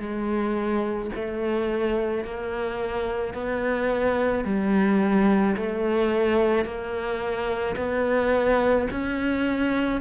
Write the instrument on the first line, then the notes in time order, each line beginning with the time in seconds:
cello
0.00 G#3
1.16 A3
2.25 A#3
3.34 B3
4.45 G3
5.57 A3
6.65 A#3
7.77 B3
8.91 C#4